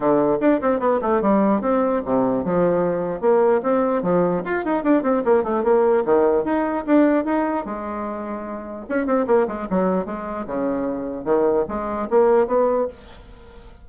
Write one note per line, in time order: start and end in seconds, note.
0.00 0.38 D3
0.40 0.60 D4
0.61 0.79 C4
0.79 1.00 B3
1.01 1.21 A3
1.21 1.61 G3
1.61 2.01 C4
2.05 2.44 C3
2.44 3.20 F3
3.20 3.61 A#3
3.63 4.02 C4
4.02 4.42 F3
4.44 4.64 F4
4.65 4.83 D#4
4.83 5.03 D4
5.03 5.23 C4
5.25 5.43 A#3
5.43 5.63 A3
5.63 6.03 A#3
6.05 6.44 D#3
6.44 6.84 D#4
6.86 7.24 D4
7.24 7.65 D#4
7.65 8.86 G#3
8.89 9.06 C#4
9.06 9.26 C4
9.27 9.47 A#3
9.47 9.67 G#3
9.70 10.05 F#3
10.05 10.46 G#3
10.46 11.25 C#3
11.25 11.65 D#3
11.68 12.08 G#3
12.10 12.47 A#3
12.47 12.87 B3